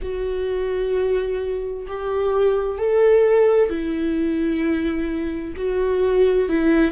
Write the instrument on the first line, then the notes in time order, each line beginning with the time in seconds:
viola
0.02 F#4
1.87 G4
2.78 A4
3.69 E4
5.56 F#4
6.48 E4